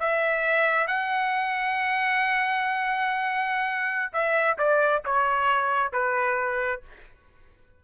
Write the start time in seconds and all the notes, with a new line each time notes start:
0.00 E5
0.88 F#5
4.13 E5
4.58 D5
5.06 C#5
5.93 B4